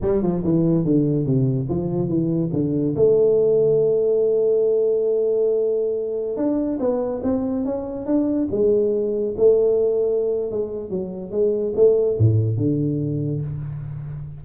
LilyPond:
\new Staff \with { instrumentName = "tuba" } { \time 4/4 \tempo 4 = 143 g8 f8 e4 d4 c4 | f4 e4 d4 a4~ | a1~ | a2.~ a16 d'8.~ |
d'16 b4 c'4 cis'4 d'8.~ | d'16 gis2 a4.~ a16~ | a4 gis4 fis4 gis4 | a4 a,4 d2 | }